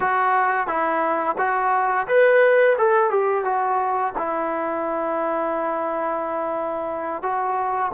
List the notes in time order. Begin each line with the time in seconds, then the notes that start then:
0.00 F#4
0.67 E4
1.38 F#4
2.07 B4
2.77 A4
3.10 G4
3.44 F#4
4.18 E4
7.22 F#4